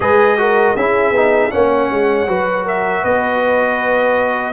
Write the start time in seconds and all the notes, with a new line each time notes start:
0.00 G#3 G#4 B4 D#5
0.37 F#4 A#4
0.76 C#4 E4 G#4 E5
1.11 B3 D#4
1.50 A#3 C#4 C#5 F#5
1.90 G#3
2.27 F#3 F#4 B4
2.64 A#4 E5
3.02 B3 B4 D#5